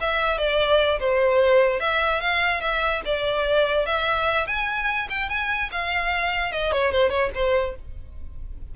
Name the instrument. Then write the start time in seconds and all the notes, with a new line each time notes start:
violin
0.00 E5
0.38 D5
0.99 C5
1.80 E5
2.21 F5
2.60 E5
3.05 D5
3.86 E5
4.46 G#5
5.09 G5
5.29 G#5
5.71 F5
6.52 D#5
6.72 C#5
6.91 C5
7.09 C#5
7.35 C5